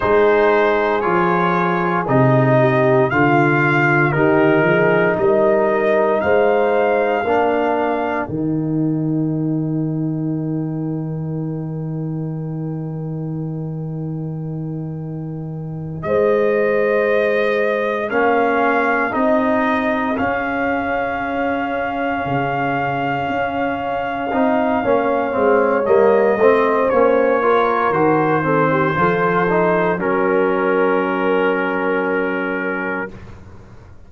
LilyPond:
<<
  \new Staff \with { instrumentName = "trumpet" } { \time 4/4 \tempo 4 = 58 c''4 cis''4 dis''4 f''4 | ais'4 dis''4 f''2 | g''1~ | g''2.~ g''8 dis''8~ |
dis''4. f''4 dis''4 f''8~ | f''1~ | f''4 dis''4 cis''4 c''4~ | c''4 ais'2. | }
  \new Staff \with { instrumentName = "horn" } { \time 4/4 gis'2~ gis'8 g'8 f'4 | g'8 gis'8 ais'4 c''4 ais'4~ | ais'1~ | ais'2.~ ais'8 c''8~ |
c''4. gis'2~ gis'8~ | gis'1 | cis''4. c''4 ais'4 a'16 g'16 | a'4 ais'2. | }
  \new Staff \with { instrumentName = "trombone" } { \time 4/4 dis'4 f'4 dis'4 f'4 | dis'2. d'4 | dis'1~ | dis'1~ |
dis'4. cis'4 dis'4 cis'8~ | cis'2.~ cis'8 dis'8 | cis'8 c'8 ais8 c'8 cis'8 f'8 fis'8 c'8 | f'8 dis'8 cis'2. | }
  \new Staff \with { instrumentName = "tuba" } { \time 4/4 gis4 f4 c4 d4 | dis8 f8 g4 gis4 ais4 | dis1~ | dis2.~ dis8 gis8~ |
gis4. ais4 c'4 cis'8~ | cis'4. cis4 cis'4 c'8 | ais8 gis8 g8 a8 ais4 dis4 | f4 fis2. | }
>>